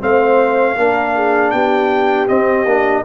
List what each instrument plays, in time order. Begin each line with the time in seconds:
0.00 tuba A3, trombone C4, horn C5, trumpet F5
0.77 tuba A#3, trombone D4, horn A#4
1.15 horn G#4
1.51 tuba B3, horn G4, trumpet G5
2.28 trombone C4, tuba C4, trumpet D#5
2.65 tuba A#3, trombone D4